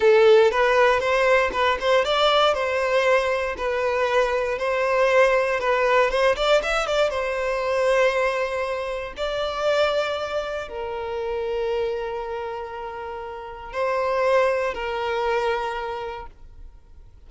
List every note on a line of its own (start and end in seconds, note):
0.00 0.51 A4
0.51 0.99 B4
0.99 1.50 C5
1.52 1.78 B4
1.80 2.04 C5
2.04 2.54 D5
2.54 3.55 C5
3.57 4.58 B4
4.58 5.60 C5
5.60 6.10 B4
6.10 6.35 C5
6.36 6.61 D5
6.62 6.86 E5
6.86 7.10 D5
7.10 9.13 C5
9.16 10.68 D5
10.68 13.73 A#4
13.73 14.74 C5
14.74 16.26 A#4